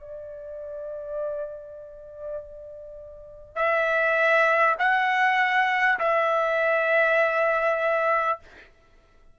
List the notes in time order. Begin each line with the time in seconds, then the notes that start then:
0.00 D5
3.56 E5
4.78 F#5
5.99 E5